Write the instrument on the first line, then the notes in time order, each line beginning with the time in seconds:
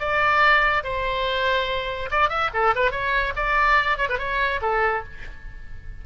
oboe
0.00 D5
0.84 C5
2.11 D5
2.30 E5
2.54 A4
2.76 B4
2.92 C#5
3.36 D5
3.98 C#5
4.09 B4
4.19 C#5
4.62 A4